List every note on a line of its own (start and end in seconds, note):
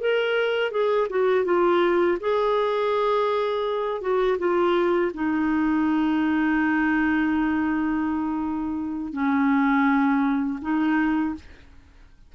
0.00 0.72 A#4
0.72 1.08 G#4
1.10 1.45 F#4
1.45 2.18 F4
2.21 4.01 G#4
4.01 4.38 F#4
4.39 5.12 F4
5.15 9.13 D#4
9.13 10.60 C#4
10.62 11.35 D#4